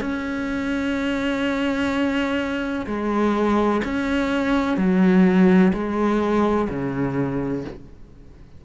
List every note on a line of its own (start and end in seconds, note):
0.00 2.86 C#4
2.86 3.81 G#3
3.84 4.77 C#4
4.77 5.72 F#3
5.73 6.68 G#3
6.69 7.64 C#3